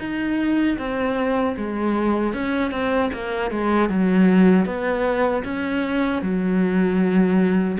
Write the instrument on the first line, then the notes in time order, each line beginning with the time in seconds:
cello
0.00 D#4
0.79 C4
1.58 G#3
2.34 C#4
2.72 C4
3.14 A#3
3.51 G#3
3.90 F#3
4.66 B3
5.44 C#4
6.22 F#3